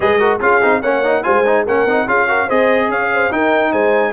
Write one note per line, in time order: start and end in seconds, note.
0.00 0.40 G#3
0.00 0.19 G#4
0.00 0.19 B4
0.00 0.39 D#5
0.19 0.40 F#4
0.19 0.40 A#4
0.40 0.61 C#4
0.40 0.61 F4
0.40 0.81 G#4
0.40 0.82 F5
0.61 0.82 C4
0.61 0.82 D#4
0.81 1.24 A#3
0.81 1.03 C#4
0.81 1.22 C#5
0.81 1.23 F#5
1.03 1.23 D#4
1.23 1.67 G#3
1.23 1.43 F4
1.23 1.66 C5
1.23 1.64 G#5
1.45 1.66 D#4
1.66 1.85 A#3
1.66 1.88 C#4
1.66 2.07 A#4
1.66 2.08 F#5
1.85 2.06 C4
1.85 2.07 D#4
2.06 2.48 C#4
2.06 2.28 F4
2.06 2.28 G#4
2.06 2.49 F5
2.28 2.48 F#4
2.28 2.46 A#4
2.46 2.88 C4
2.46 3.30 G#4
2.46 2.87 C5
2.46 2.91 D#5
2.88 3.30 C#4
2.88 3.12 C#5
2.88 3.32 F5
3.13 3.33 C5
3.30 4.12 D#4
3.30 3.72 D#4
3.30 3.71 A#4
3.30 3.72 G5
3.71 4.12 G#3
3.71 4.12 C5
3.71 4.12 G#5